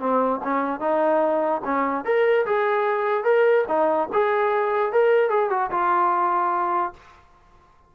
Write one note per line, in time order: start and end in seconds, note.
0.00 0.41 C4
0.44 0.80 C#4
0.80 1.62 D#4
1.65 2.05 C#4
2.05 2.46 A#4
2.46 3.24 G#4
3.24 3.65 A#4
3.68 4.09 D#4
4.13 4.93 G#4
4.93 5.30 A#4
5.30 5.50 G#4
5.51 5.71 F#4
5.71 6.94 F4